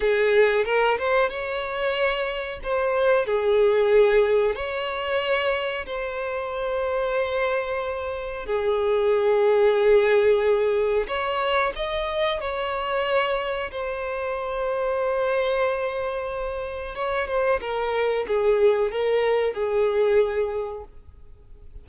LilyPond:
\new Staff \with { instrumentName = "violin" } { \time 4/4 \tempo 4 = 92 gis'4 ais'8 c''8 cis''2 | c''4 gis'2 cis''4~ | cis''4 c''2.~ | c''4 gis'2.~ |
gis'4 cis''4 dis''4 cis''4~ | cis''4 c''2.~ | c''2 cis''8 c''8 ais'4 | gis'4 ais'4 gis'2 | }